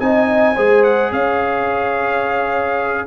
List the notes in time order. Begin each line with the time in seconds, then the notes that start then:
0.00 C4 D#4 D#5 G#5
0.56 G#3 G#4 C5
0.84 F#5
1.12 C#4 C#5 F5